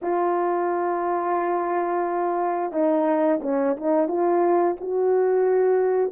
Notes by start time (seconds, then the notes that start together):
0.02 F4
2.71 D#4
3.42 C#4
3.77 D#4
4.08 F4
4.80 F#4